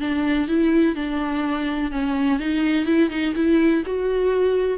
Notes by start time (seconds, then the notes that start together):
0.00 D4
0.47 E4
0.95 D4
1.91 C#4
2.39 D#4
2.86 E4
3.09 D#4
3.35 E4
3.86 F#4